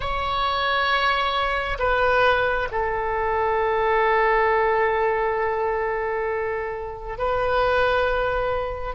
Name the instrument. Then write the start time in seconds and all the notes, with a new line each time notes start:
oboe
0.00 C#5
1.79 B4
2.71 A4
7.18 B4